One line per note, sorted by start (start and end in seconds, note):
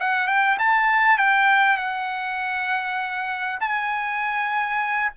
0.00 0.27 F#5
0.27 0.58 G5
0.59 1.18 A5
1.18 1.77 G5
1.77 3.59 F#5
3.61 5.12 G#5